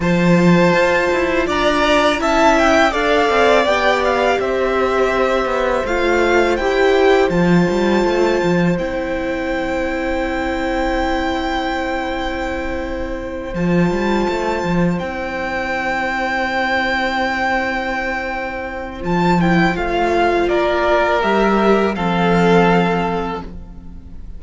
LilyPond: <<
  \new Staff \with { instrumentName = "violin" } { \time 4/4 \tempo 4 = 82 a''2 ais''4 a''8 g''8 | f''4 g''8 f''8 e''2 | f''4 g''4 a''2 | g''1~ |
g''2~ g''8 a''4.~ | a''8 g''2.~ g''8~ | g''2 a''8 g''8 f''4 | d''4 e''4 f''2 | }
  \new Staff \with { instrumentName = "violin" } { \time 4/4 c''2 d''4 e''4 | d''2 c''2~ | c''1~ | c''1~ |
c''1~ | c''1~ | c''1 | ais'2 a'2 | }
  \new Staff \with { instrumentName = "viola" } { \time 4/4 f'2. e'4 | a'4 g'2. | f'4 g'4 f'2 | e'1~ |
e'2~ e'8 f'4.~ | f'8 e'2.~ e'8~ | e'2 f'8 e'8 f'4~ | f'4 g'4 c'2 | }
  \new Staff \with { instrumentName = "cello" } { \time 4/4 f4 f'8 e'8 d'4 cis'4 | d'8 c'8 b4 c'4. b8 | a4 e'4 f8 g8 a8 f8 | c'1~ |
c'2~ c'8 f8 g8 a8 | f8 c'2.~ c'8~ | c'2 f4 a4 | ais4 g4 f2 | }
>>